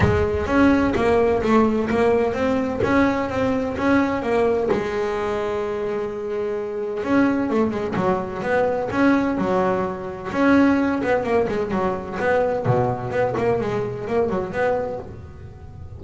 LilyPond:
\new Staff \with { instrumentName = "double bass" } { \time 4/4 \tempo 4 = 128 gis4 cis'4 ais4 a4 | ais4 c'4 cis'4 c'4 | cis'4 ais4 gis2~ | gis2. cis'4 |
a8 gis8 fis4 b4 cis'4 | fis2 cis'4. b8 | ais8 gis8 fis4 b4 b,4 | b8 ais8 gis4 ais8 fis8 b4 | }